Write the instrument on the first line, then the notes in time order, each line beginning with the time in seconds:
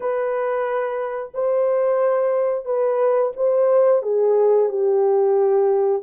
horn
0.00 B4
1.34 C5
2.65 B4
3.36 C5
4.02 G#4
4.69 G4